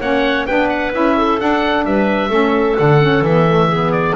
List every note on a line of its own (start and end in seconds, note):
0.00 0.46 A#3
0.00 0.47 C#4
0.00 0.46 C#5
0.00 0.45 F#5
0.45 0.94 B3
0.45 0.93 D4
0.45 1.16 B4
0.45 0.68 G5
0.68 0.91 F#5
0.93 1.40 C#4
0.93 1.39 E4
0.93 1.40 E5
1.16 1.86 A4
1.39 2.29 D4
1.39 1.84 D4
1.39 1.85 F#5
1.84 2.29 G3
1.84 2.29 B4
1.84 2.77 E5
2.29 2.76 A3
2.29 2.75 C#4
2.29 3.68 A4
2.77 3.21 D3
2.77 3.01 D4
2.77 3.24 F#5
3.01 3.24 C#4
3.21 4.13 E3
3.21 3.47 B3
3.21 3.92 E5
3.47 3.70 A3
3.68 4.15 B3
3.68 4.14 G#4
3.92 4.15 D5